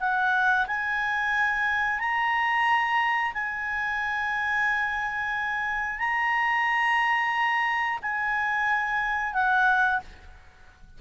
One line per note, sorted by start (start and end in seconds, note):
0.00 0.67 F#5
0.67 2.00 G#5
2.00 3.33 A#5
3.34 5.99 G#5
5.99 7.99 A#5
8.02 9.34 G#5
9.34 10.01 F#5